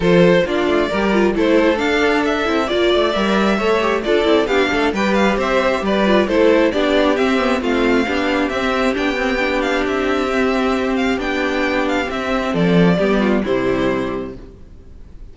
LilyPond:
<<
  \new Staff \with { instrumentName = "violin" } { \time 4/4 \tempo 4 = 134 c''4 d''2 c''4 | f''4 e''4 d''4 e''4~ | e''4 d''4 f''4 g''8 f''8 | e''4 d''4 c''4 d''4 |
e''4 f''2 e''4 | g''4. f''8 e''2~ | e''8 f''8 g''4. f''8 e''4 | d''2 c''2 | }
  \new Staff \with { instrumentName = "violin" } { \time 4/4 a'4 f'4 ais'4 a'4~ | a'2 d''2 | cis''4 a'4 g'8 a'8 b'4 | c''4 b'4 a'4 g'4~ |
g'4 f'4 g'2~ | g'1~ | g'1 | a'4 g'8 f'8 e'2 | }
  \new Staff \with { instrumentName = "viola" } { \time 4/4 f'4 d'4 g'8 f'8 e'4 | d'4. e'8 f'4 ais'4 | a'8 g'8 f'8 e'8 d'4 g'4~ | g'4. f'8 e'4 d'4 |
c'8 b8 c'4 d'4 c'4 | d'8 c'8 d'2 c'4~ | c'4 d'2 c'4~ | c'4 b4 g2 | }
  \new Staff \with { instrumentName = "cello" } { \time 4/4 f4 ais8 a8 g4 a4 | d'4. c'8 ais8 a8 g4 | a4 d'8 c'8 b8 a8 g4 | c'4 g4 a4 b4 |
c'4 a4 b4 c'4 | b2 c'2~ | c'4 b2 c'4 | f4 g4 c2 | }
>>